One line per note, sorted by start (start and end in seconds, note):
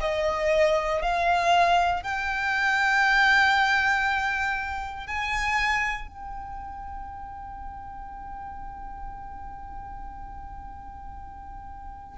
0.00 1.02 D#5
1.02 2.02 F5
2.02 5.07 G5
5.07 6.08 G#5
6.08 12.18 G5